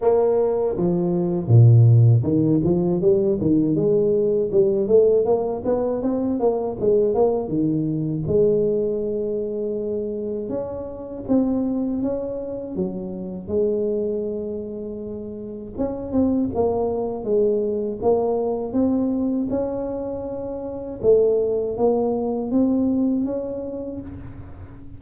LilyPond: \new Staff \with { instrumentName = "tuba" } { \time 4/4 \tempo 4 = 80 ais4 f4 ais,4 dis8 f8 | g8 dis8 gis4 g8 a8 ais8 b8 | c'8 ais8 gis8 ais8 dis4 gis4~ | gis2 cis'4 c'4 |
cis'4 fis4 gis2~ | gis4 cis'8 c'8 ais4 gis4 | ais4 c'4 cis'2 | a4 ais4 c'4 cis'4 | }